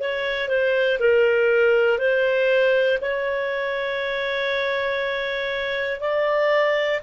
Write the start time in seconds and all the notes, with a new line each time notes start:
0.00 C#5
0.49 C5
1.00 A#4
1.98 C5
3.01 C#5
6.00 D5